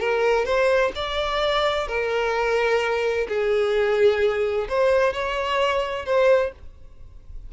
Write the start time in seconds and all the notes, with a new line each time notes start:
0.00 A#4
0.45 C5
0.95 D5
1.88 A#4
3.29 G#4
4.69 C5
5.14 C#5
6.06 C5